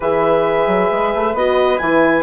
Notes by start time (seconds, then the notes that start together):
0.00 E3 G#4 B4 E5
0.66 F#3
0.91 G#3
1.14 A3
1.33 B3 F#4 D#5
1.78 E3 E4 G#5